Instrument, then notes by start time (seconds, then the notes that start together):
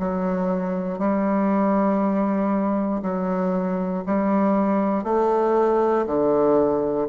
bassoon
0.00 F#3
0.99 G3
3.03 F#3
4.07 G3
5.04 A3
6.07 D3